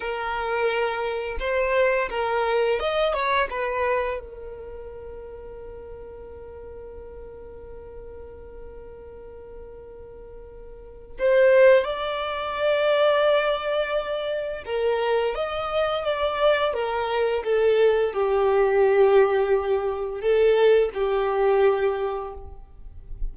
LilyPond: \new Staff \with { instrumentName = "violin" } { \time 4/4 \tempo 4 = 86 ais'2 c''4 ais'4 | dis''8 cis''8 b'4 ais'2~ | ais'1~ | ais'1 |
c''4 d''2.~ | d''4 ais'4 dis''4 d''4 | ais'4 a'4 g'2~ | g'4 a'4 g'2 | }